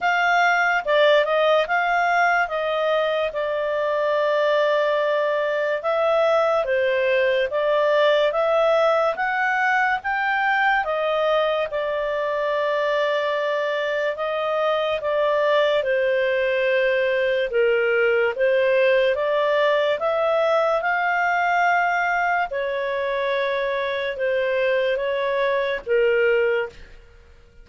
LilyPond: \new Staff \with { instrumentName = "clarinet" } { \time 4/4 \tempo 4 = 72 f''4 d''8 dis''8 f''4 dis''4 | d''2. e''4 | c''4 d''4 e''4 fis''4 | g''4 dis''4 d''2~ |
d''4 dis''4 d''4 c''4~ | c''4 ais'4 c''4 d''4 | e''4 f''2 cis''4~ | cis''4 c''4 cis''4 ais'4 | }